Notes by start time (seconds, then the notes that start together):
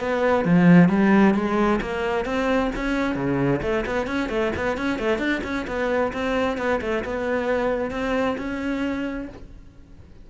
0.00 B3
0.45 F3
0.89 G3
1.34 G#3
1.81 A#3
2.25 C4
2.75 C#4
3.15 C#3
3.62 A3
3.86 B3
4.07 C#4
4.29 A3
4.56 B3
4.77 C#4
4.99 A3
5.18 D4
5.43 C#4
5.67 B3
6.13 C4
6.57 B3
6.81 A3
7.04 B3
7.91 C4
8.37 C#4